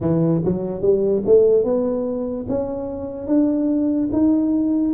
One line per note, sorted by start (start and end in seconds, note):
0.00 0.41 E3
0.44 0.81 F#3
0.81 1.22 G3
1.26 1.64 A3
1.64 2.46 B3
2.48 3.27 C#4
3.27 4.09 D4
4.12 4.94 D#4